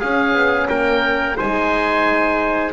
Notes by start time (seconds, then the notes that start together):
0.00 C#4 G#4 F5
0.34 B3
0.69 A#3 A#4 G5
1.37 G#3 D#4 C5 G#5